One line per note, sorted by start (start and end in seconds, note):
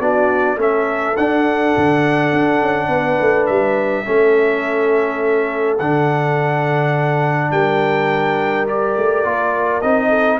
0.00 0.57 B3
0.00 0.58 D4
0.00 0.57 F#4
0.00 0.58 D5
0.57 1.15 A3
0.57 1.16 C#4
0.57 2.88 A4
0.57 1.17 E5
1.17 1.75 D4
1.17 4.05 D4
1.17 3.47 F#5
1.77 2.33 D3
2.33 2.62 D4
2.62 2.88 C#4
2.88 3.17 B3
2.88 4.05 B4
3.21 3.49 A3
3.47 4.07 G3
3.47 5.77 E5
4.05 5.80 A3
4.05 5.78 C#4
4.05 7.52 A4
5.78 7.51 D3
5.78 8.67 D4
5.78 7.51 F#5
7.51 8.96 G3
7.51 10.09 A#4
7.51 8.67 G5
8.67 9.24 G4
8.67 9.82 D5
8.97 9.25 A3
9.24 9.83 A#3
9.24 9.82 F4
9.82 10.40 C4
9.82 10.40 D#4
9.82 10.39 D#5
10.09 10.37 A4